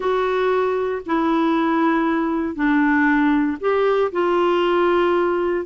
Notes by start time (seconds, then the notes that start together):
0.00 F#4
1.05 E4
2.55 D4
3.60 G4
4.12 F4